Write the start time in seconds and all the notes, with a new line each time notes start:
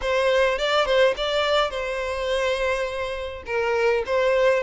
0.01 C5
0.58 D5
0.85 C5
1.16 D5
1.70 C5
3.46 A#4
4.05 C5